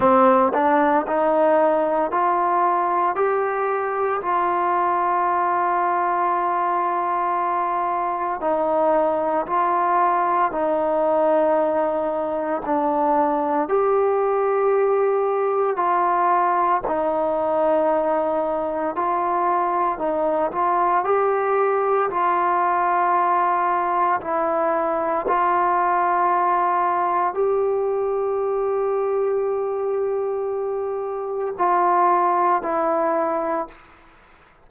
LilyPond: \new Staff \with { instrumentName = "trombone" } { \time 4/4 \tempo 4 = 57 c'8 d'8 dis'4 f'4 g'4 | f'1 | dis'4 f'4 dis'2 | d'4 g'2 f'4 |
dis'2 f'4 dis'8 f'8 | g'4 f'2 e'4 | f'2 g'2~ | g'2 f'4 e'4 | }